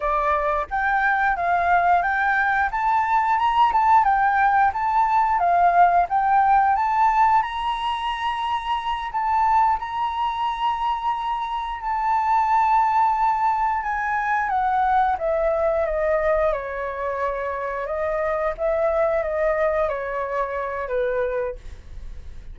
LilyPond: \new Staff \with { instrumentName = "flute" } { \time 4/4 \tempo 4 = 89 d''4 g''4 f''4 g''4 | a''4 ais''8 a''8 g''4 a''4 | f''4 g''4 a''4 ais''4~ | ais''4. a''4 ais''4.~ |
ais''4. a''2~ a''8~ | a''8 gis''4 fis''4 e''4 dis''8~ | dis''8 cis''2 dis''4 e''8~ | e''8 dis''4 cis''4. b'4 | }